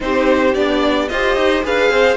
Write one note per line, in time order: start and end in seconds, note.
0.00 0.55 C4
0.00 0.54 D#4
0.00 1.10 G4
0.00 0.54 C5
0.54 1.09 B3
0.54 1.08 D4
0.54 1.08 D5
1.08 1.36 F4
1.08 1.63 G4
1.08 1.64 C5
1.08 1.63 D#5
1.36 1.63 D#4
1.63 1.89 D4
1.63 2.16 G#4
1.63 1.91 B4
1.63 2.16 F5
1.89 2.16 C4
1.89 2.16 C5